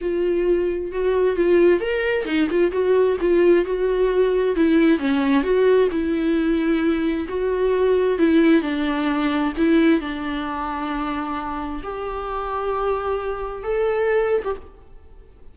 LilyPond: \new Staff \with { instrumentName = "viola" } { \time 4/4 \tempo 4 = 132 f'2 fis'4 f'4 | ais'4 dis'8 f'8 fis'4 f'4 | fis'2 e'4 cis'4 | fis'4 e'2. |
fis'2 e'4 d'4~ | d'4 e'4 d'2~ | d'2 g'2~ | g'2 a'4.~ a'16 g'16 | }